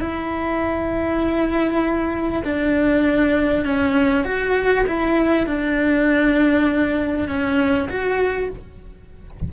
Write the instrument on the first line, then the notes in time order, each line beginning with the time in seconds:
cello
0.00 E4
2.44 D4
3.65 C#4
4.24 F#4
4.87 E4
5.46 D4
7.28 C#4
7.89 F#4